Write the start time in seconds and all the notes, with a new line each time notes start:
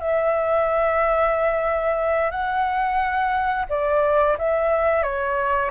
0.00 E5
2.30 F#5
3.69 D5
4.39 E5
5.03 C#5